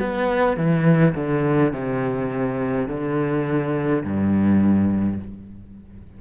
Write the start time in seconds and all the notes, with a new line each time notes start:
0.00 B3
0.57 E3
1.15 D3
1.73 C3
2.88 D3
4.04 G2